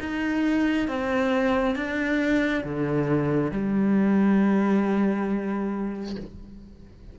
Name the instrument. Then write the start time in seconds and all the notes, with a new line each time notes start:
cello
0.00 D#4
0.88 C4
1.76 D4
2.64 D3
3.51 G3